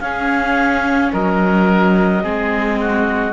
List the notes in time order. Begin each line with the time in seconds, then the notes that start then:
0.00 C#4 G#4 F5
1.13 F#3 A#4 D#5
2.23 G#3 C4 G#4
2.81 F#4